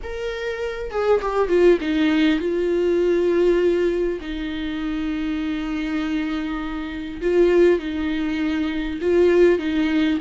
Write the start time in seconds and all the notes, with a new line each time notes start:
0.03 A#4
0.90 G#4
1.21 G4
1.48 F4
1.80 D#4
2.39 F4
4.20 D#4
7.21 F4
7.79 D#4
9.01 F4
9.58 D#4